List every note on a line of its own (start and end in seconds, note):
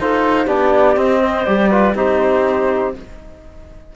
0.00 0.47 D#4
0.00 0.47 F4
0.00 0.46 A4
0.00 0.48 C5
0.46 0.97 B3
0.46 0.96 D4
0.46 1.20 G4
0.46 0.98 D5
0.96 1.45 C4
0.96 1.46 C4
0.96 1.45 D#5
1.22 1.70 C5
1.45 1.95 G3
1.45 1.71 G4
1.45 1.95 D5
1.70 1.95 F4
1.70 1.95 B4
1.95 2.94 C4
1.95 2.94 D#4
1.95 2.95 G4
1.95 2.95 C5